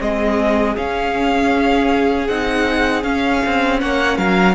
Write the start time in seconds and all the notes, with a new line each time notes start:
0.00 G#3 C4 G#4 D#5
0.77 C#4 F5
2.28 C4 D#4 F#5
3.04 C#4 F5
3.46 C4
3.81 A#3 C#5 F#5
4.18 F#3 A#4 F5